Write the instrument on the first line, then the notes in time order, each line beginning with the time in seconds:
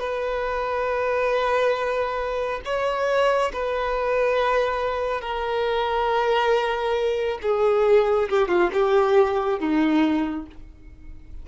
violin
0.00 B4
2.65 C#5
3.53 B4
5.21 A#4
7.42 G#4
8.30 G4
8.49 F4
8.73 G4
9.59 D#4